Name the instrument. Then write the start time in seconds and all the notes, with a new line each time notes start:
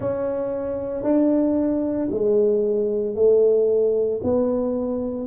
tuba
0.00 C#4
1.03 D4
2.10 G#3
3.15 A3
4.23 B3